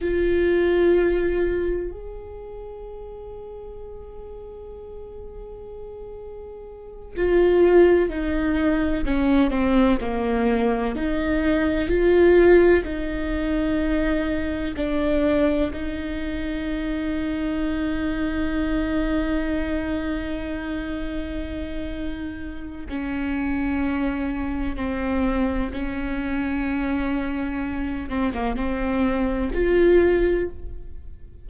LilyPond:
\new Staff \with { instrumentName = "viola" } { \time 4/4 \tempo 4 = 63 f'2 gis'2~ | gis'2.~ gis'8 f'8~ | f'8 dis'4 cis'8 c'8 ais4 dis'8~ | dis'8 f'4 dis'2 d'8~ |
d'8 dis'2.~ dis'8~ | dis'1 | cis'2 c'4 cis'4~ | cis'4. c'16 ais16 c'4 f'4 | }